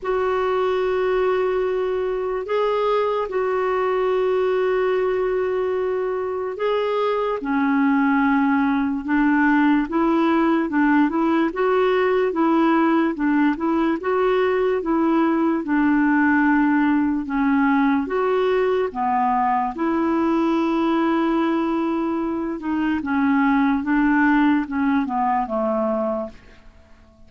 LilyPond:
\new Staff \with { instrumentName = "clarinet" } { \time 4/4 \tempo 4 = 73 fis'2. gis'4 | fis'1 | gis'4 cis'2 d'4 | e'4 d'8 e'8 fis'4 e'4 |
d'8 e'8 fis'4 e'4 d'4~ | d'4 cis'4 fis'4 b4 | e'2.~ e'8 dis'8 | cis'4 d'4 cis'8 b8 a4 | }